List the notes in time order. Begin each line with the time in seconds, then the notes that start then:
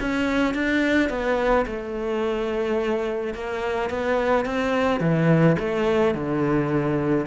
0.00 C#4
0.54 D4
1.09 B3
1.66 A3
3.34 A#3
3.90 B3
4.46 C4
5.00 E3
5.59 A3
6.15 D3